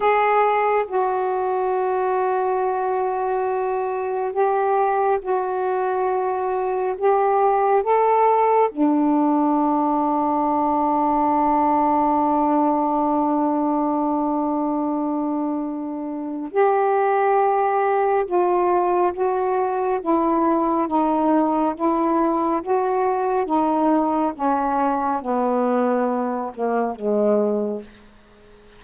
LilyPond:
\new Staff \with { instrumentName = "saxophone" } { \time 4/4 \tempo 4 = 69 gis'4 fis'2.~ | fis'4 g'4 fis'2 | g'4 a'4 d'2~ | d'1~ |
d'2. g'4~ | g'4 f'4 fis'4 e'4 | dis'4 e'4 fis'4 dis'4 | cis'4 b4. ais8 gis4 | }